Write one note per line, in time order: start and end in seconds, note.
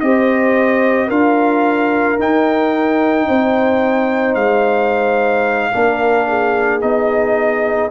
0.00 1.09 C4
0.00 1.10 G4
0.00 1.07 C5
0.00 1.09 D#5
1.07 2.18 D4
1.07 2.18 F4
1.07 3.25 A#4
1.07 2.19 F5
2.18 3.27 D#4
2.18 5.72 D#4
2.18 4.34 G5
3.27 4.35 C4
3.27 5.72 C5
4.34 5.71 G#3
4.34 6.80 F5
5.72 6.82 A#3
5.72 6.80 D4
5.72 6.27 A#4
6.27 7.90 G#4
6.80 7.90 B3
6.80 7.89 D#4
6.80 7.90 D#5